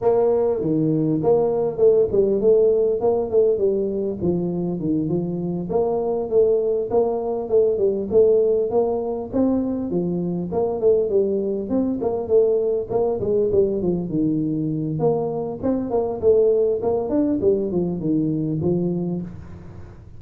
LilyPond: \new Staff \with { instrumentName = "tuba" } { \time 4/4 \tempo 4 = 100 ais4 dis4 ais4 a8 g8 | a4 ais8 a8 g4 f4 | dis8 f4 ais4 a4 ais8~ | ais8 a8 g8 a4 ais4 c'8~ |
c'8 f4 ais8 a8 g4 c'8 | ais8 a4 ais8 gis8 g8 f8 dis8~ | dis4 ais4 c'8 ais8 a4 | ais8 d'8 g8 f8 dis4 f4 | }